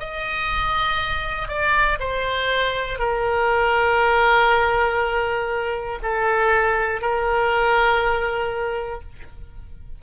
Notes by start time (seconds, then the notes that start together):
0.00 D#5
1.49 D5
2.00 C5
2.99 A#4
6.03 A4
7.01 A#4